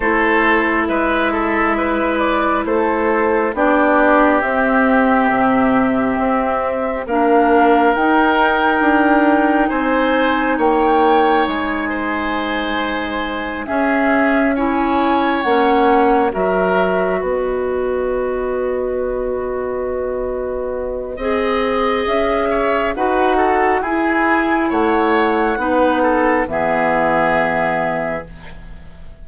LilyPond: <<
  \new Staff \with { instrumentName = "flute" } { \time 4/4 \tempo 4 = 68 c''4 e''4. d''8 c''4 | d''4 e''2. | f''4 g''2 gis''4 | g''4 gis''2~ gis''8 e''8~ |
e''8 gis''4 fis''4 e''4 dis''8~ | dis''1~ | dis''4 e''4 fis''4 gis''4 | fis''2 e''2 | }
  \new Staff \with { instrumentName = "oboe" } { \time 4/4 a'4 b'8 a'8 b'4 a'4 | g'1 | ais'2. c''4 | cis''4. c''2 gis'8~ |
gis'8 cis''2 ais'4 b'8~ | b'1 | dis''4. cis''8 b'8 a'8 gis'4 | cis''4 b'8 a'8 gis'2 | }
  \new Staff \with { instrumentName = "clarinet" } { \time 4/4 e'1 | d'4 c'2. | d'4 dis'2.~ | dis'2.~ dis'8 cis'8~ |
cis'8 e'4 cis'4 fis'4.~ | fis'1 | gis'2 fis'4 e'4~ | e'4 dis'4 b2 | }
  \new Staff \with { instrumentName = "bassoon" } { \time 4/4 a4 gis2 a4 | b4 c'4 c4 c'4 | ais4 dis'4 d'4 c'4 | ais4 gis2~ gis8 cis'8~ |
cis'4. ais4 fis4 b8~ | b1 | c'4 cis'4 dis'4 e'4 | a4 b4 e2 | }
>>